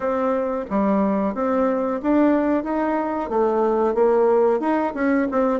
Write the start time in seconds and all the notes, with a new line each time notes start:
0.00 C4
0.70 G3
1.34 C4
2.02 D4
2.63 D#4
3.29 A3
3.94 A#3
4.60 D#4
4.94 C#4
5.31 C4